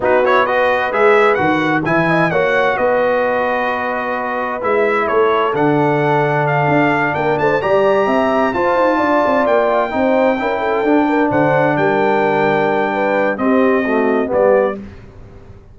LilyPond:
<<
  \new Staff \with { instrumentName = "trumpet" } { \time 4/4 \tempo 4 = 130 b'8 cis''8 dis''4 e''4 fis''4 | gis''4 fis''4 dis''2~ | dis''2 e''4 cis''4 | fis''2 f''4. g''8 |
a''8 ais''2 a''4.~ | a''8 g''2.~ g''8~ | g''8 fis''4 g''2~ g''8~ | g''4 dis''2 d''4 | }
  \new Staff \with { instrumentName = "horn" } { \time 4/4 fis'4 b'2. | e''8 dis''8 cis''4 b'2~ | b'2. a'4~ | a'2.~ a'8 ais'8 |
c''8 d''4 e''4 c''4 d''8~ | d''4. c''4 ais'8 a'4 | ais'8 c''4 ais'2~ ais'8 | b'4 g'4 fis'4 g'4 | }
  \new Staff \with { instrumentName = "trombone" } { \time 4/4 dis'8 e'8 fis'4 gis'4 fis'4 | e'4 fis'2.~ | fis'2 e'2 | d'1~ |
d'8 g'2 f'4.~ | f'4. dis'4 e'4 d'8~ | d'1~ | d'4 c'4 a4 b4 | }
  \new Staff \with { instrumentName = "tuba" } { \time 4/4 b2 gis4 dis4 | e4 ais4 b2~ | b2 gis4 a4 | d2~ d8 d'4 ais8 |
a8 g4 c'4 f'8 dis'8 d'8 | c'8 ais4 c'4 cis'4 d'8~ | d'8 d4 g2~ g8~ | g4 c'2 g4 | }
>>